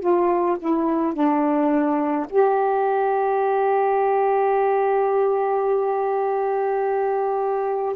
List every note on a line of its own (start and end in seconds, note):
0.00 0.57 F4
0.59 1.13 E4
1.13 2.26 D4
2.29 7.95 G4